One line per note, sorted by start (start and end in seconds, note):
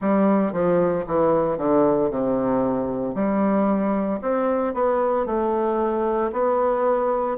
0.01 0.52 G3
0.52 1.05 F3
1.07 1.57 E3
1.57 2.10 D3
2.10 3.14 C3
3.14 4.20 G3
4.21 4.74 C4
4.74 5.26 B3
5.26 6.31 A3
6.32 7.37 B3